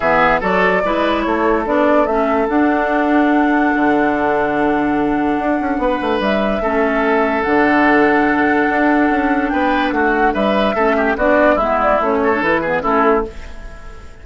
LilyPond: <<
  \new Staff \with { instrumentName = "flute" } { \time 4/4 \tempo 4 = 145 e''4 d''2 cis''4 | d''4 e''4 fis''2~ | fis''1~ | fis''2. e''4~ |
e''2 fis''2~ | fis''2. g''4 | fis''4 e''2 d''4 | e''8 d''8 cis''4 b'4 a'4 | }
  \new Staff \with { instrumentName = "oboe" } { \time 4/4 gis'4 a'4 b'4 a'4~ | a'1~ | a'1~ | a'2 b'2 |
a'1~ | a'2. b'4 | fis'4 b'4 a'8 g'8 fis'4 | e'4. a'4 gis'8 e'4 | }
  \new Staff \with { instrumentName = "clarinet" } { \time 4/4 b4 fis'4 e'2 | d'4 cis'4 d'2~ | d'1~ | d'1 |
cis'2 d'2~ | d'1~ | d'2 cis'4 d'4 | b4 cis'8. d'16 e'8 b8 cis'4 | }
  \new Staff \with { instrumentName = "bassoon" } { \time 4/4 e4 fis4 gis4 a4 | b4 a4 d'2~ | d'4 d2.~ | d4 d'8 cis'8 b8 a8 g4 |
a2 d2~ | d4 d'4 cis'4 b4 | a4 g4 a4 b4 | gis4 a4 e4 a4 | }
>>